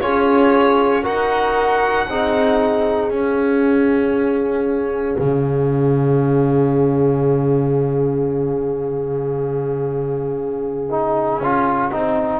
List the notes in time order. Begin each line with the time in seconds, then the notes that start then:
0.00 C#4 F4 G#4 C#5
1.03 D#4 F#4 A#4 F#5
2.07 C4 D#4 G#4
3.10 C#4 F5
5.18 C#3
10.90 D#4
11.38 C#4 F4
11.91 C4 D#4